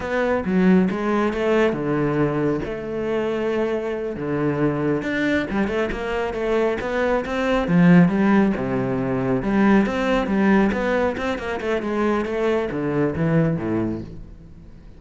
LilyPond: \new Staff \with { instrumentName = "cello" } { \time 4/4 \tempo 4 = 137 b4 fis4 gis4 a4 | d2 a2~ | a4. d2 d'8~ | d'8 g8 a8 ais4 a4 b8~ |
b8 c'4 f4 g4 c8~ | c4. g4 c'4 g8~ | g8 b4 c'8 ais8 a8 gis4 | a4 d4 e4 a,4 | }